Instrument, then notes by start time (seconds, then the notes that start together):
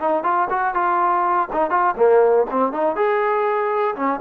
trombone
0.00 D#4
0.24 F4
0.50 F#4
0.74 F4
1.53 D#4
1.71 F4
1.97 A#3
2.51 C4
2.73 D#4
2.96 G#4
3.96 C#4